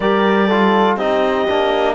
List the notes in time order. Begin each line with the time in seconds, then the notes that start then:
0.00 G3 G4 A#4 D5
0.46 F4 A4
0.95 C4 D#4 G4 D#5
1.47 A#3 D4